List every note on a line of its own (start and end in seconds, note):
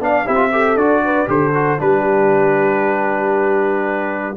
0.00 0.26 B3
0.00 0.26 D4
0.00 0.26 D5
0.00 0.28 F5
0.26 0.75 C4
0.26 0.36 E4
0.26 0.51 G4
0.26 0.77 E5
0.36 0.48 F4
0.52 0.78 G4
0.52 1.03 A4
0.75 1.27 D4
0.75 1.27 F#4
0.75 1.29 D5
1.05 1.30 B4
1.27 1.79 D3
1.27 1.52 G4
1.27 1.81 A4
1.27 1.81 C5
1.54 1.79 F#4
1.79 4.36 G3
1.79 4.35 D4
1.79 4.37 G4
1.79 4.37 B4